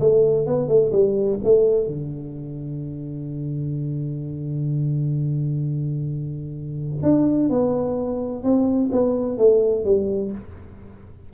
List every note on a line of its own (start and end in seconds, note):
0.00 0.46 A3
0.46 0.68 B3
0.68 0.91 A3
0.92 1.38 G3
1.43 1.87 A3
1.87 7.02 D3
7.02 7.49 D4
7.49 8.43 B3
8.43 8.90 C4
8.91 9.37 B3
9.37 9.84 A3
9.84 10.31 G3